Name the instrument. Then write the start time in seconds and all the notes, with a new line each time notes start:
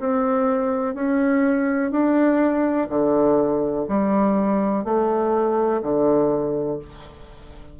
bassoon
0.00 C4
0.95 C#4
1.91 D4
2.89 D3
3.89 G3
4.85 A3
5.82 D3